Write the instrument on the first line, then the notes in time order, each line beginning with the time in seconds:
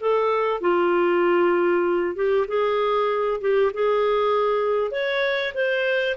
clarinet
0.00 A4
0.60 F4
2.15 G4
2.47 G#4
3.41 G4
3.73 G#4
4.91 C#5
5.54 C5